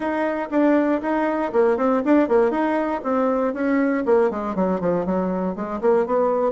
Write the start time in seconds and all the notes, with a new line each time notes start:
0.00 D#4
0.50 D4
1.01 D#4
1.52 A#3
1.77 C4
2.04 D4
2.28 A#3
2.50 D#4
3.03 C4
3.53 C#4
4.05 A#3
4.30 G#3
4.55 F#3
4.80 F3
5.05 F#3
5.55 G#3
5.81 A#3
6.06 B3